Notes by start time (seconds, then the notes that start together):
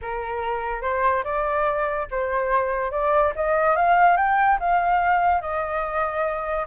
0.01 A#4
0.81 C5
1.23 D5
2.11 C5
2.91 D5
3.35 D#5
3.75 F5
4.16 G5
4.59 F5
5.41 D#5